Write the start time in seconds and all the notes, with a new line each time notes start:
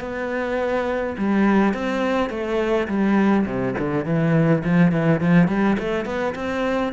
0.00 B3
1.17 G3
1.73 C4
2.29 A3
2.87 G3
3.46 C3
3.78 D3
4.05 E3
4.63 F3
4.91 E3
5.20 F3
5.47 G3
5.78 A3
6.05 B3
6.35 C4